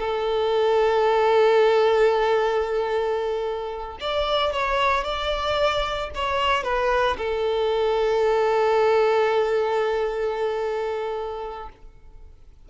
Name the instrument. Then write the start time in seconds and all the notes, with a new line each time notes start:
violin
0.00 A4
4.01 D5
4.53 C#5
5.04 D5
6.15 C#5
6.64 B4
7.18 A4